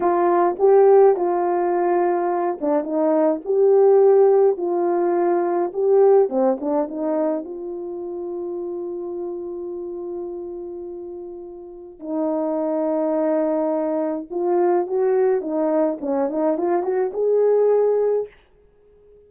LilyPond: \new Staff \with { instrumentName = "horn" } { \time 4/4 \tempo 4 = 105 f'4 g'4 f'2~ | f'8 d'8 dis'4 g'2 | f'2 g'4 c'8 d'8 | dis'4 f'2.~ |
f'1~ | f'4 dis'2.~ | dis'4 f'4 fis'4 dis'4 | cis'8 dis'8 f'8 fis'8 gis'2 | }